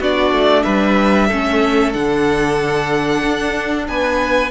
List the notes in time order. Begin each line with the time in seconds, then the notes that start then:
0.00 B3 D4 F#4 D5
0.31 A3
0.63 G3 B4 E5
1.27 A3 C#4 A4
1.93 D3 D4 F#5
3.23 D4
3.87 B3 B4 G#5